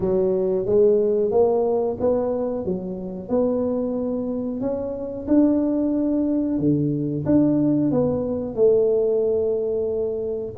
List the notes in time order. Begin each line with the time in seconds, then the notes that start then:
0.00 F#3
0.65 G#3
1.31 A#3
1.99 B3
2.65 F#3
3.28 B3
4.61 C#4
5.27 D4
6.58 D3
7.25 D4
7.91 B3
8.55 A3